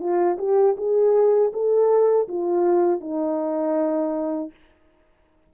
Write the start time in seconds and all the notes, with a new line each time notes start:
0.00 F4
0.39 G4
0.77 G#4
1.53 A4
2.29 F4
3.01 D#4